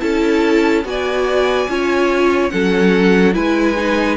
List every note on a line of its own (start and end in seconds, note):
0.00 0.84 C#4
0.00 0.83 E4
0.00 0.86 A4
0.00 0.83 A5
0.84 1.68 B3
0.84 1.68 F#4
0.84 1.70 D5
0.84 2.50 G#5
1.68 2.51 C#4
1.68 2.51 F4
1.68 2.53 C#5
2.50 3.35 F#3
2.50 3.33 C#4
2.50 3.35 A4
2.50 3.33 F#5
3.33 4.17 G#3
3.33 3.75 E4
3.33 4.17 B4
3.33 4.17 G#5
3.77 4.17 D#4